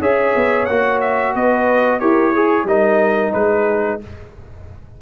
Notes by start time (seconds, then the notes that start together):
0.00 C#4 G#4 C#5 E5
0.35 B3
0.65 A#3 F#4 F#5
1.00 E5
1.35 B3 B4 D#5
1.99 E4 G4 A#4 C#5
2.33 G#4
2.64 G3 D#4 A#4 D#5
3.32 G#3 G#4 B4